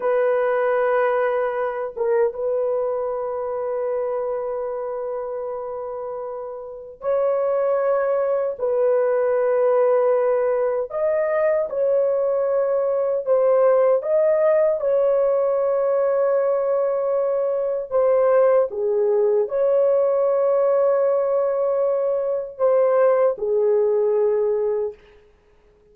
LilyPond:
\new Staff \with { instrumentName = "horn" } { \time 4/4 \tempo 4 = 77 b'2~ b'8 ais'8 b'4~ | b'1~ | b'4 cis''2 b'4~ | b'2 dis''4 cis''4~ |
cis''4 c''4 dis''4 cis''4~ | cis''2. c''4 | gis'4 cis''2.~ | cis''4 c''4 gis'2 | }